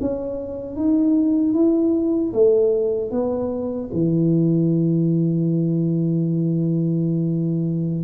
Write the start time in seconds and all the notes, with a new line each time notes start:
0.00 C#4
0.75 D#4
1.53 E4
2.33 A3
3.10 B3
3.92 E3